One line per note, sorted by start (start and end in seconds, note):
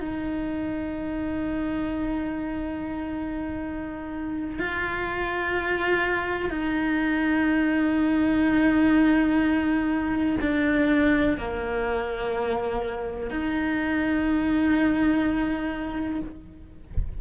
0.00 4.59 D#4
4.59 6.50 F4
6.50 10.37 D#4
10.41 11.37 D4
11.37 13.30 A#3
13.30 16.21 D#4